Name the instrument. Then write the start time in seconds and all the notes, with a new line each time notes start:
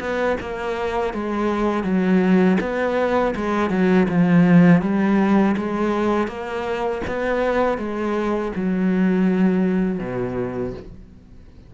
cello
0.00 B3
0.40 A#3
1.14 G#3
1.84 F#3
2.60 B3
3.36 G#3
3.70 F#3
4.09 F3
4.81 G3
5.57 G#3
6.28 A#3
7.07 B3
7.78 G#3
8.56 F#3
9.99 B2